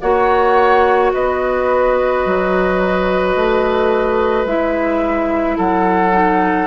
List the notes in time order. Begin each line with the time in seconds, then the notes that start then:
0.00 A#3 F#4 C#5 F#5
1.13 B3 B4 D#5
2.25 F#3
3.35 A3
4.45 G#3 E4 E5
5.57 F#3 A4 F#5
6.12 D#4